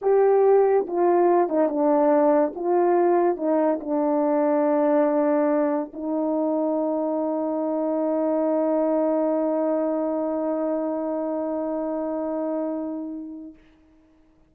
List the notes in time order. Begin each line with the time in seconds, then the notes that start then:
0.01 G4
0.87 F4
1.48 D#4
1.68 D4
2.55 F4
3.36 D#4
3.80 D4
5.93 D#4